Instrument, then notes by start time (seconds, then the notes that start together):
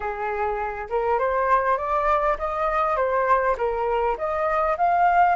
flute
0.00 G#4
0.89 A#4
1.19 C5
1.77 D5
2.38 D#5
2.96 C5
3.57 A#4
4.17 D#5
4.77 F5